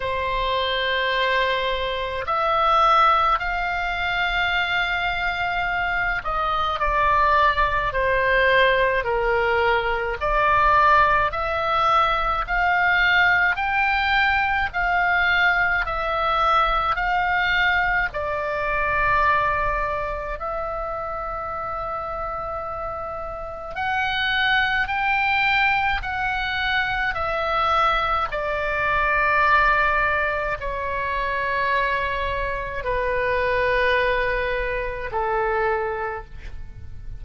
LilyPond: \new Staff \with { instrumentName = "oboe" } { \time 4/4 \tempo 4 = 53 c''2 e''4 f''4~ | f''4. dis''8 d''4 c''4 | ais'4 d''4 e''4 f''4 | g''4 f''4 e''4 f''4 |
d''2 e''2~ | e''4 fis''4 g''4 fis''4 | e''4 d''2 cis''4~ | cis''4 b'2 a'4 | }